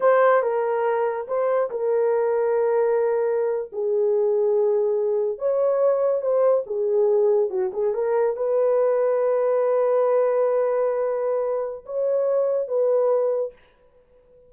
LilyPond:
\new Staff \with { instrumentName = "horn" } { \time 4/4 \tempo 4 = 142 c''4 ais'2 c''4 | ais'1~ | ais'8. gis'2.~ gis'16~ | gis'8. cis''2 c''4 gis'16~ |
gis'4.~ gis'16 fis'8 gis'8 ais'4 b'16~ | b'1~ | b'1 | cis''2 b'2 | }